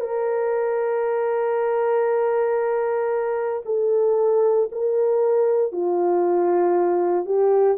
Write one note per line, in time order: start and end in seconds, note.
0.00 3.62 A#4
3.65 4.68 A4
4.72 5.72 A#4
5.72 7.25 F4
7.25 7.77 G4